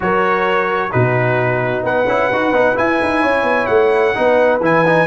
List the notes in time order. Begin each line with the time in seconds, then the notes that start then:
0.00 F#3 F#4 A#4 C#5
0.90 B2 D#4 F#4 B4
1.82 B3 B4 F#5
2.06 C#4 E4
2.32 D#4 F#4
2.52 B3 D#4
2.75 E4 G#5
3.02 D#4
3.22 C#4 C#5
3.43 B3
3.66 A3 F#5
4.14 B3 D#4 B4
4.60 E3 E4 G#5
4.86 D#4